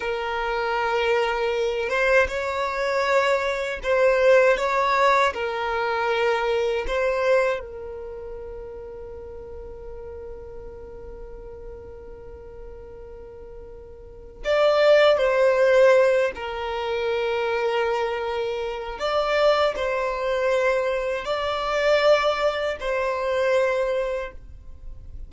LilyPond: \new Staff \with { instrumentName = "violin" } { \time 4/4 \tempo 4 = 79 ais'2~ ais'8 c''8 cis''4~ | cis''4 c''4 cis''4 ais'4~ | ais'4 c''4 ais'2~ | ais'1~ |
ais'2. d''4 | c''4. ais'2~ ais'8~ | ais'4 d''4 c''2 | d''2 c''2 | }